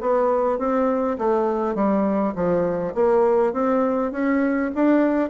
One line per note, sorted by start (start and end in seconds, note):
0.00 0.58 B3
0.58 1.17 C4
1.18 1.75 A3
1.75 2.34 G3
2.35 2.94 F3
2.94 3.53 A#3
3.53 4.11 C4
4.12 4.71 C#4
4.75 5.29 D4